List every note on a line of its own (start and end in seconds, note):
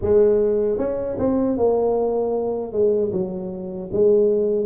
0.01 0.78 G#3
0.78 1.17 C#4
1.18 1.57 C4
1.57 2.72 A#3
2.72 3.11 G#3
3.12 3.90 F#3
3.92 4.65 G#3